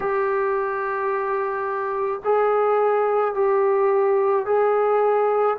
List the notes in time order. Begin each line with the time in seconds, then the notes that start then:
0.00 G4
2.24 G#4
3.34 G4
4.45 G#4